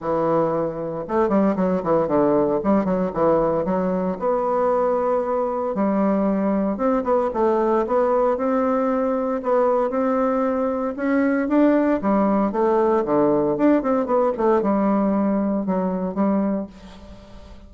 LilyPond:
\new Staff \with { instrumentName = "bassoon" } { \time 4/4 \tempo 4 = 115 e2 a8 g8 fis8 e8 | d4 g8 fis8 e4 fis4 | b2. g4~ | g4 c'8 b8 a4 b4 |
c'2 b4 c'4~ | c'4 cis'4 d'4 g4 | a4 d4 d'8 c'8 b8 a8 | g2 fis4 g4 | }